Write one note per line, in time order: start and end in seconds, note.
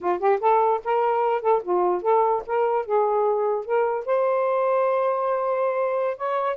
0.00 0.19 F4
0.19 0.39 G4
0.40 0.81 A4
0.84 1.41 A#4
1.41 1.62 A4
1.62 2.02 F4
2.02 2.42 A4
2.46 2.85 A#4
2.85 3.65 G#4
3.65 4.05 A#4
4.05 6.17 C5
6.17 6.56 C#5